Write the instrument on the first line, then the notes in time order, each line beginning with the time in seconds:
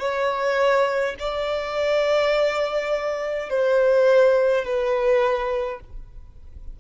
violin
0.00 C#5
1.20 D5
3.50 C5
4.65 B4